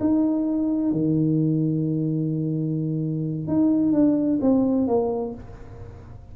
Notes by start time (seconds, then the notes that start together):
0.00 D#4
0.92 D#3
3.47 D#4
3.93 D4
4.41 C4
4.87 A#3